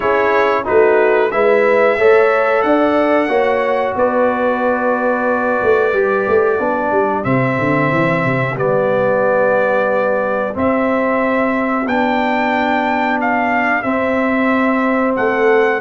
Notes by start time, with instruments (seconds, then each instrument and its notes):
0.00 tuba C#4, trombone E4, horn G#4, trumpet C#5
0.64 tuba A3, trombone D#4, horn F#4, trumpet B4
1.31 tuba G#3, trombone E4, horn B4, trumpet E5
1.97 tuba A3, trombone A4, horn C#5
2.62 tuba D4, horn D5, trumpet F#5
3.28 tuba A#3, trombone F#4, horn C#5
3.95 tuba B3, horn B4, trumpet D5
5.62 tuba A3
5.93 tuba G3, trombone G4
6.28 tuba A3
6.58 tuba B3, trombone D4, horn G4
6.91 tuba G3
7.23 tuba C3, trombone C4, trumpet E5
7.59 tuba D3
7.91 tuba E3
8.24 tuba C3
8.56 tuba G3, trombone B3, trumpet D5
10.53 trombone C4, tuba C4, trumpet E5
11.86 tuba B3, trombone D4, trumpet G5
13.20 trumpet F5
13.82 trombone C4, tuba C4, trumpet E5
15.16 tuba A3, horn A4, trumpet F#5